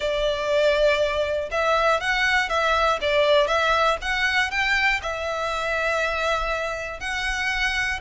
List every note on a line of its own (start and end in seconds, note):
0.00 1.49 D5
1.51 2.00 E5
2.00 2.49 F#5
2.49 2.99 E5
3.01 3.47 D5
3.47 3.97 E5
4.01 4.50 F#5
4.50 5.00 G5
5.02 7.00 E5
7.00 8.00 F#5